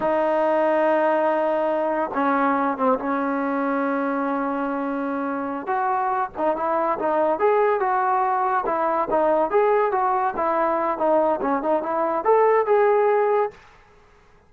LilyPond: \new Staff \with { instrumentName = "trombone" } { \time 4/4 \tempo 4 = 142 dis'1~ | dis'4 cis'4. c'8 cis'4~ | cis'1~ | cis'4. fis'4. dis'8 e'8~ |
e'8 dis'4 gis'4 fis'4.~ | fis'8 e'4 dis'4 gis'4 fis'8~ | fis'8 e'4. dis'4 cis'8 dis'8 | e'4 a'4 gis'2 | }